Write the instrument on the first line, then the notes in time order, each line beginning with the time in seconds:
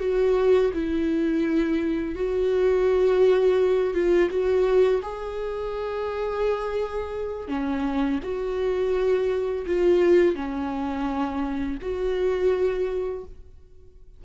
viola
0.00 F#4
0.74 E4
2.16 F#4
3.94 F4
4.30 F#4
5.03 G#4
7.48 C#4
8.23 F#4
9.67 F4
10.35 C#4
11.82 F#4